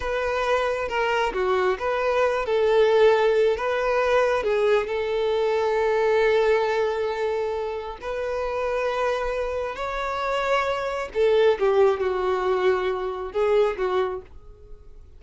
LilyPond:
\new Staff \with { instrumentName = "violin" } { \time 4/4 \tempo 4 = 135 b'2 ais'4 fis'4 | b'4. a'2~ a'8 | b'2 gis'4 a'4~ | a'1~ |
a'2 b'2~ | b'2 cis''2~ | cis''4 a'4 g'4 fis'4~ | fis'2 gis'4 fis'4 | }